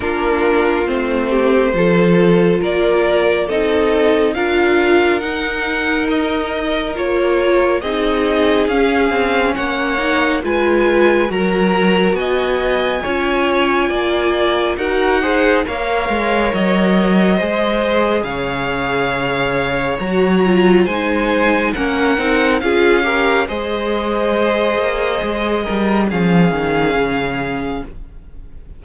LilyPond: <<
  \new Staff \with { instrumentName = "violin" } { \time 4/4 \tempo 4 = 69 ais'4 c''2 d''4 | dis''4 f''4 fis''4 dis''4 | cis''4 dis''4 f''4 fis''4 | gis''4 ais''4 gis''2~ |
gis''4 fis''4 f''4 dis''4~ | dis''4 f''2 ais''4 | gis''4 fis''4 f''4 dis''4~ | dis''2 f''2 | }
  \new Staff \with { instrumentName = "violin" } { \time 4/4 f'4. g'8 a'4 ais'4 | a'4 ais'2.~ | ais'4 gis'2 cis''4 | b'4 ais'4 dis''4 cis''4 |
d''4 ais'8 c''8 cis''2 | c''4 cis''2. | c''4 ais'4 gis'8 ais'8 c''4~ | c''4. ais'8 gis'2 | }
  \new Staff \with { instrumentName = "viola" } { \time 4/4 d'4 c'4 f'2 | dis'4 f'4 dis'2 | f'4 dis'4 cis'4. dis'8 | f'4 fis'2 f'4~ |
f'4 fis'8 gis'8 ais'2 | gis'2. fis'8 f'8 | dis'4 cis'8 dis'8 f'8 g'8 gis'4~ | gis'2 cis'2 | }
  \new Staff \with { instrumentName = "cello" } { \time 4/4 ais4 a4 f4 ais4 | c'4 d'4 dis'2 | ais4 c'4 cis'8 c'8 ais4 | gis4 fis4 b4 cis'4 |
ais4 dis'4 ais8 gis8 fis4 | gis4 cis2 fis4 | gis4 ais8 c'8 cis'4 gis4~ | gis8 ais8 gis8 g8 f8 dis8 cis4 | }
>>